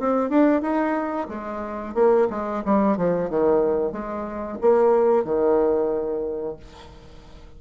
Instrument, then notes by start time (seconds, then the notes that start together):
bassoon
0.00 C4
0.30 D4
0.62 D#4
1.29 G#3
1.95 A#3
2.30 G#3
2.66 G3
2.98 F3
3.30 D#3
3.92 G#3
4.62 A#3
5.25 D#3